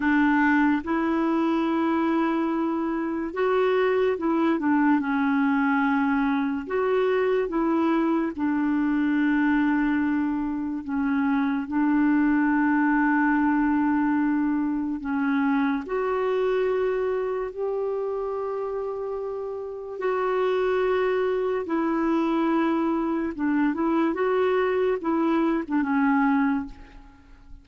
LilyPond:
\new Staff \with { instrumentName = "clarinet" } { \time 4/4 \tempo 4 = 72 d'4 e'2. | fis'4 e'8 d'8 cis'2 | fis'4 e'4 d'2~ | d'4 cis'4 d'2~ |
d'2 cis'4 fis'4~ | fis'4 g'2. | fis'2 e'2 | d'8 e'8 fis'4 e'8. d'16 cis'4 | }